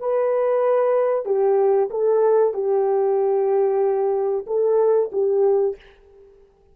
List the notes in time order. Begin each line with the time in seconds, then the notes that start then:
0.00 B4
1.26 G4
1.91 A4
2.54 G4
4.47 A4
5.13 G4